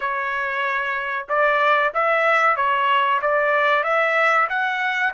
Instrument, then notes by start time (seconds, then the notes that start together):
trumpet
0.00 C#5
1.29 D5
1.94 E5
2.56 C#5
3.21 D5
3.83 E5
4.49 F#5